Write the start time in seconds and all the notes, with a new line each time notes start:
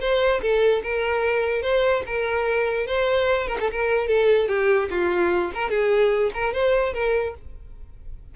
0.00 C5
0.42 A4
0.83 A#4
1.62 C5
2.06 A#4
2.87 C5
3.47 A#4
3.60 A4
3.71 A#4
4.07 A4
4.48 G4
4.90 F4
5.54 A#4
5.70 G#4
6.34 A#4
6.53 C5
6.94 A#4